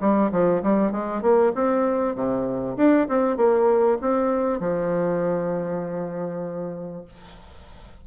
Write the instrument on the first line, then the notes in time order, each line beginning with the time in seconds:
bassoon
0.00 G3
0.31 F3
0.62 G3
0.91 G#3
1.22 A#3
1.54 C4
2.15 C3
2.77 D4
3.08 C4
3.36 A#3
4.01 C4
4.59 F3